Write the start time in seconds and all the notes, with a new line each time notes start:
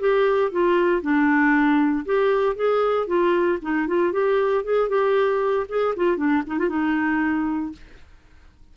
0.00 G4
0.52 F4
1.02 D4
2.06 G4
2.56 G#4
3.07 F4
3.62 D#4
3.87 F4
4.13 G4
4.64 G#4
4.89 G4
5.69 G#4
5.96 F4
6.17 D4
6.47 D#4
6.59 F4
6.69 D#4